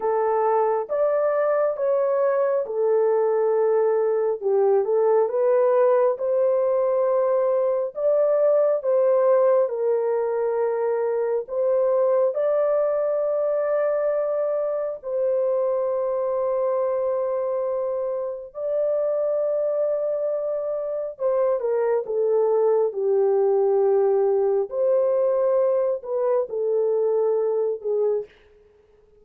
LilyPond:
\new Staff \with { instrumentName = "horn" } { \time 4/4 \tempo 4 = 68 a'4 d''4 cis''4 a'4~ | a'4 g'8 a'8 b'4 c''4~ | c''4 d''4 c''4 ais'4~ | ais'4 c''4 d''2~ |
d''4 c''2.~ | c''4 d''2. | c''8 ais'8 a'4 g'2 | c''4. b'8 a'4. gis'8 | }